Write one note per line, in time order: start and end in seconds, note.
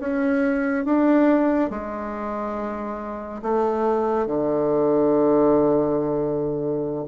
0.00 0.85 C#4
0.85 1.71 D4
1.71 3.42 G#3
3.42 4.27 A3
4.27 7.06 D3